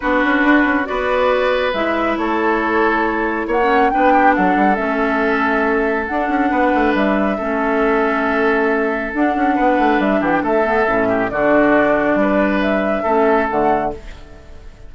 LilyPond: <<
  \new Staff \with { instrumentName = "flute" } { \time 4/4 \tempo 4 = 138 b'2 d''2 | e''4 cis''2. | fis''4 g''4 fis''4 e''4~ | e''2 fis''2 |
e''1~ | e''4 fis''2 e''8 fis''16 g''16 | e''2 d''2~ | d''4 e''2 fis''4 | }
  \new Staff \with { instrumentName = "oboe" } { \time 4/4 fis'2 b'2~ | b'4 a'2. | cis''4 b'8 g'8 a'2~ | a'2. b'4~ |
b'4 a'2.~ | a'2 b'4. g'8 | a'4. g'8 fis'2 | b'2 a'2 | }
  \new Staff \with { instrumentName = "clarinet" } { \time 4/4 d'2 fis'2 | e'1~ | e'16 cis'8. d'2 cis'4~ | cis'2 d'2~ |
d'4 cis'2.~ | cis'4 d'2.~ | d'8 b8 cis'4 d'2~ | d'2 cis'4 a4 | }
  \new Staff \with { instrumentName = "bassoon" } { \time 4/4 b8 cis'8 d'8 cis'8 b2 | gis4 a2. | ais4 b4 fis8 g8 a4~ | a2 d'8 cis'8 b8 a8 |
g4 a2.~ | a4 d'8 cis'8 b8 a8 g8 e8 | a4 a,4 d2 | g2 a4 d4 | }
>>